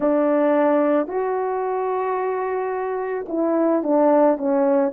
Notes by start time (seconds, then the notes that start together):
0.00 D4
1.07 F#4
3.28 E4
3.83 D4
4.37 C#4